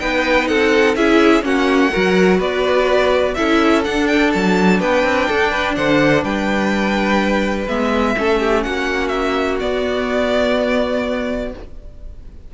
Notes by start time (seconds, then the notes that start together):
0.00 B3 D#4 B4 G5
0.48 C4 A4 F#5
0.96 C#4 E4 G#4 E5
1.43 A#3 C#4 F#4 F#5
1.92 F#3 F#4 A#4
2.38 B3 B4 D5
3.35 C#4 E4 A4 E5
3.84 D4 F#5
4.08 G5
4.33 F#3 A5
4.80 B3 B4 G5
5.04 C4
5.28 D4 A4
5.51 B4
5.76 D3 C5 F#5
6.24 G3 B4 G5
7.68 G#3 B3 E5
8.17 A3 C#4 A4
8.40 G4
8.63 A#3 F#4 F#5
9.09 E5
9.60 B3 D5